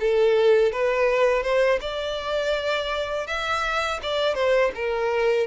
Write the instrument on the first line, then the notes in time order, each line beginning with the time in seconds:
violin
0.00 A4
0.72 B4
1.43 C5
1.81 D5
3.27 E5
4.02 D5
4.34 C5
4.75 A#4